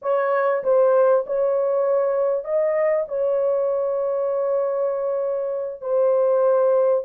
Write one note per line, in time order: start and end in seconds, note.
0.01 0.63 C#5
0.63 1.24 C5
1.26 2.44 C#5
2.44 3.05 D#5
3.08 5.81 C#5
5.81 7.04 C5